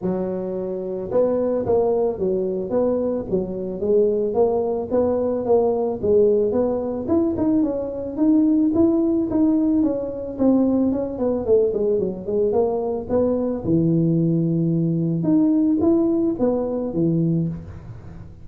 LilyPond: \new Staff \with { instrumentName = "tuba" } { \time 4/4 \tempo 4 = 110 fis2 b4 ais4 | fis4 b4 fis4 gis4 | ais4 b4 ais4 gis4 | b4 e'8 dis'8 cis'4 dis'4 |
e'4 dis'4 cis'4 c'4 | cis'8 b8 a8 gis8 fis8 gis8 ais4 | b4 e2. | dis'4 e'4 b4 e4 | }